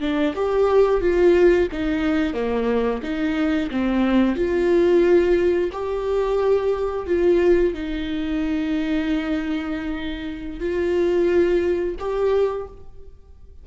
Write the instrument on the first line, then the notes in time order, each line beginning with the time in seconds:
viola
0.00 D4
0.35 G4
1.01 F4
1.72 D#4
2.34 A#3
3.02 D#4
3.70 C4
4.35 F4
5.72 G4
7.06 F4
7.73 D#4
10.60 F4
11.99 G4